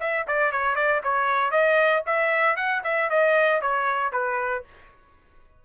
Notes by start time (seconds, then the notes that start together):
0.00 E5
0.27 D5
0.51 C#5
0.75 D5
1.03 C#5
1.51 D#5
2.06 E5
2.56 F#5
2.84 E5
3.09 D#5
3.61 C#5
4.12 B4